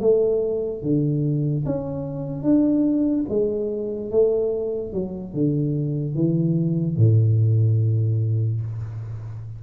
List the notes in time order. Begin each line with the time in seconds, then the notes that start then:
0.00 A3
0.83 D3
1.66 C#4
2.43 D4
3.29 G#3
4.11 A3
4.93 F#3
5.34 D3
6.15 E3
6.97 A2